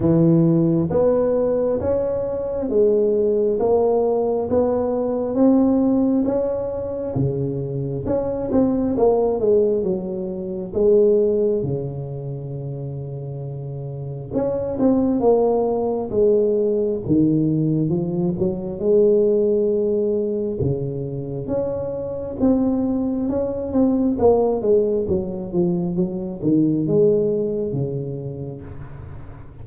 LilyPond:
\new Staff \with { instrumentName = "tuba" } { \time 4/4 \tempo 4 = 67 e4 b4 cis'4 gis4 | ais4 b4 c'4 cis'4 | cis4 cis'8 c'8 ais8 gis8 fis4 | gis4 cis2. |
cis'8 c'8 ais4 gis4 dis4 | f8 fis8 gis2 cis4 | cis'4 c'4 cis'8 c'8 ais8 gis8 | fis8 f8 fis8 dis8 gis4 cis4 | }